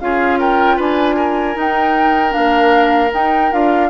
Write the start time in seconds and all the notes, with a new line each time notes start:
0.00 C#4 F4 G#4 F5
0.39 A#4 G5
0.76 D4 B4 G#5
1.15 A#4
1.55 D#4 G5
2.31 A#3 D4 F5
3.12 D#4 G5
3.51 D4 F4 F5